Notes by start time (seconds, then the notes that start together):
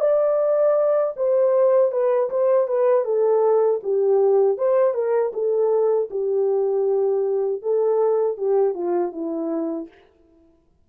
0.00 D5
1.17 C5
1.92 B4
2.30 C5
2.68 B4
3.05 A4
3.84 G4
4.58 C5
4.94 A#4
5.33 A4
6.11 G4
7.63 A4
8.38 G4
8.74 F4
9.12 E4